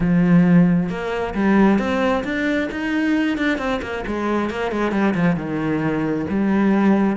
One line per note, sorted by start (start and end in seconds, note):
0.00 0.89 F3
0.89 1.34 A#3
1.34 1.78 G3
1.78 2.23 C4
2.24 2.68 D4
2.71 3.37 D#4
3.37 3.58 D4
3.58 3.80 C4
3.82 4.04 A#3
4.06 4.50 G#3
4.50 4.71 A#3
4.71 4.91 G#3
4.91 5.14 G3
5.14 5.36 F3
5.36 6.25 D#3
6.29 7.16 G3